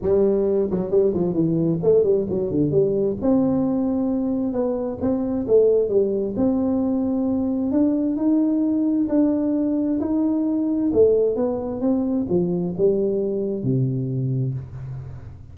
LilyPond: \new Staff \with { instrumentName = "tuba" } { \time 4/4 \tempo 4 = 132 g4. fis8 g8 f8 e4 | a8 g8 fis8 d8 g4 c'4~ | c'2 b4 c'4 | a4 g4 c'2~ |
c'4 d'4 dis'2 | d'2 dis'2 | a4 b4 c'4 f4 | g2 c2 | }